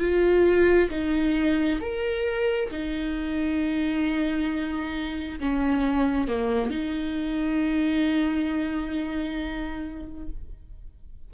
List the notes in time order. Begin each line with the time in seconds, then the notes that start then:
0.00 F4
0.90 D#4
1.81 A#4
2.71 D#4
5.40 C#4
6.28 A#3
6.70 D#4